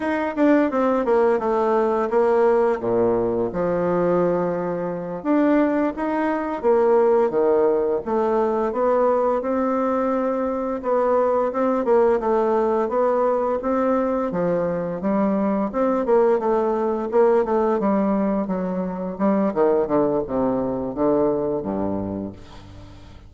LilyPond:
\new Staff \with { instrumentName = "bassoon" } { \time 4/4 \tempo 4 = 86 dis'8 d'8 c'8 ais8 a4 ais4 | ais,4 f2~ f8 d'8~ | d'8 dis'4 ais4 dis4 a8~ | a8 b4 c'2 b8~ |
b8 c'8 ais8 a4 b4 c'8~ | c'8 f4 g4 c'8 ais8 a8~ | a8 ais8 a8 g4 fis4 g8 | dis8 d8 c4 d4 g,4 | }